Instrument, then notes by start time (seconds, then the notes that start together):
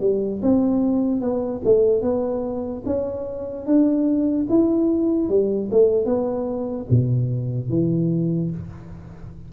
tuba
0.00 G3
0.42 C4
1.21 B3
1.64 A3
2.02 B3
2.85 C#4
3.66 D4
4.49 E4
5.29 G3
5.71 A3
6.05 B3
6.90 B2
7.69 E3